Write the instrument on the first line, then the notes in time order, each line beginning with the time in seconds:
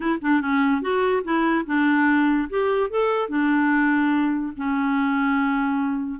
clarinet
0.00 E4
0.21 D4
0.41 C#4
0.81 F#4
1.24 E4
1.66 D4
2.49 G4
2.90 A4
3.29 D4
4.56 C#4